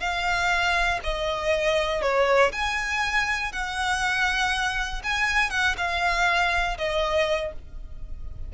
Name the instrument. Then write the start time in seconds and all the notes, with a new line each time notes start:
violin
0.00 F5
1.04 D#5
2.02 C#5
2.53 G#5
3.53 F#5
5.04 G#5
5.51 F#5
5.78 F5
6.78 D#5